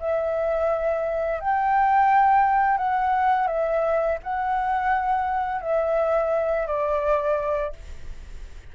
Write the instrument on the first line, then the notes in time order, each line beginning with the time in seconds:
flute
0.00 E5
1.41 G5
2.78 F#5
3.48 E5
4.24 F#5
5.61 E5
6.67 D5